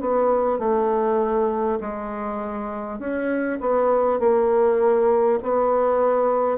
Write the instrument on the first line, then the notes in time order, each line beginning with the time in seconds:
bassoon
0.00 B3
0.58 A3
1.80 G#3
2.99 C#4
3.60 B3
4.19 A#3
5.43 B3